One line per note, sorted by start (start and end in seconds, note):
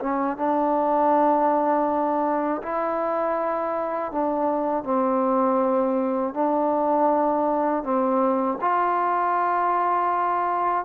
0.00 0.37 C#4
0.37 2.62 D4
2.63 4.12 E4
4.12 4.84 D4
4.84 6.34 C4
6.34 7.83 D4
7.83 8.58 C4
8.61 10.85 F4